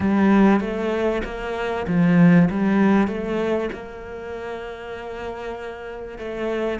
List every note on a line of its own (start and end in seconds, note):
0.00 0.60 G3
0.60 1.22 A3
1.24 1.86 A#3
1.87 2.49 F3
2.50 3.07 G3
3.07 3.69 A3
3.73 6.18 A#3
6.18 6.79 A3